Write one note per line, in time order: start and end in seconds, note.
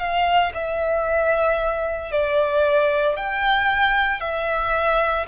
0.00 0.53 F5
0.54 2.12 E5
2.12 3.16 D5
3.16 4.21 G5
4.21 5.26 E5